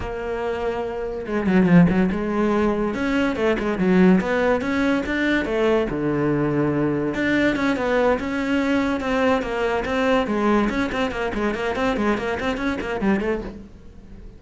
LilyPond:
\new Staff \with { instrumentName = "cello" } { \time 4/4 \tempo 4 = 143 ais2. gis8 fis8 | f8 fis8 gis2 cis'4 | a8 gis8 fis4 b4 cis'4 | d'4 a4 d2~ |
d4 d'4 cis'8 b4 cis'8~ | cis'4. c'4 ais4 c'8~ | c'8 gis4 cis'8 c'8 ais8 gis8 ais8 | c'8 gis8 ais8 c'8 cis'8 ais8 g8 a8 | }